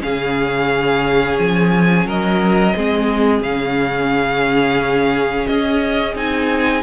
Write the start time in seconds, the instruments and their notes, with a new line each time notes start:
0.00 cello C#3, viola C#4, violin G#4 F5
1.38 cello F3, violin G#5
2.06 cello F#3, violin A#4 D#5
2.76 cello G#3, viola C4, violin G#4
3.41 cello C#3, viola C#4, violin F5
5.47 cello C#4, violin D#5
6.15 cello C4, viola D#4, violin G#5